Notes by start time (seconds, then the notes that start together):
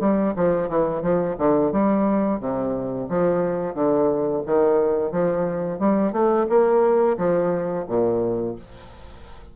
0.00 G3
0.36 F3
0.68 E3
1.02 F3
1.38 D3
1.72 G3
2.40 C3
3.09 F3
3.74 D3
4.46 D#3
5.12 F3
5.79 G3
6.12 A3
6.49 A#3
7.17 F3
7.87 A#2